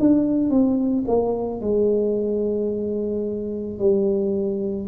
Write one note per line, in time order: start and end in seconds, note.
0.00 0.51 D4
0.51 1.05 C4
1.08 1.61 A#3
1.61 3.79 G#3
3.79 4.88 G3